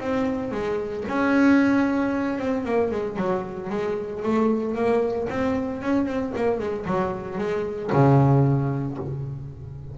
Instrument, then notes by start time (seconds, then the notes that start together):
double bass
0.00 C4
0.52 G#3
1.08 C#4
2.39 C4
2.65 A#3
2.91 G#3
3.17 F#3
3.70 G#3
4.22 A3
4.75 A#3
5.30 C4
5.82 C#4
6.06 C4
6.36 A#3
6.59 G#3
6.86 F#3
7.38 G#3
7.92 C#3